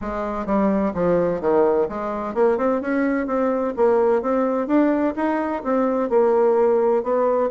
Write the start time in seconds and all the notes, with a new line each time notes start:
0.01 G#3
0.46 G3
0.94 F3
1.40 D#3
1.88 G#3
2.34 A#3
2.57 C4
2.81 C#4
3.27 C4
3.76 A#3
4.22 C4
4.67 D4
5.15 D#4
5.63 C4
6.09 A#3
7.03 B3